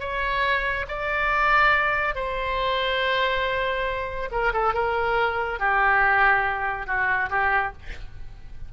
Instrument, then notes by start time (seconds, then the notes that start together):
oboe
0.00 C#5
0.88 D5
2.15 C5
4.31 A#4
4.53 A4
4.74 A#4
5.59 G4
6.86 F#4
7.30 G4